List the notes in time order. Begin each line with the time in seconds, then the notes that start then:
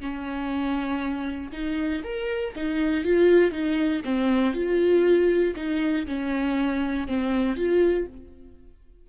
0.00 C#4
1.52 D#4
2.03 A#4
2.56 D#4
3.04 F4
3.51 D#4
4.04 C4
4.54 F4
5.55 D#4
6.06 C#4
7.07 C4
7.56 F4